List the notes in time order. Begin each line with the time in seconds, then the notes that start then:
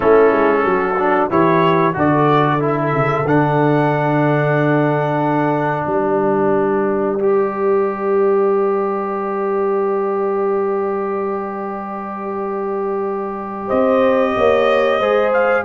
0.00 A3 C#4 E4 A4
0.32 G#3
0.64 F#3 F#4
0.98 D4
1.29 E3 E4 G4 C#5
1.93 D3 F#4 A4 D5
2.59 E4
2.65 E5
2.92 C#3
3.24 D3 D4 F#5
5.83 G3 B4 D5
7.19 G4
13.67 C4 C5 D#5
14.36 A#3 C#5
14.99 G#3 G#4 C5
15.33 F5